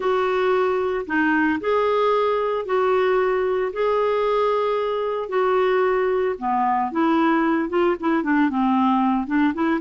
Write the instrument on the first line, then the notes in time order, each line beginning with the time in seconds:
clarinet
0.00 F#4
1.06 D#4
1.60 G#4
2.65 F#4
3.73 G#4
5.28 F#4
6.38 B3
6.91 E4
7.69 F4
8.00 E4
8.23 D4
8.49 C4
9.27 D4
9.54 E4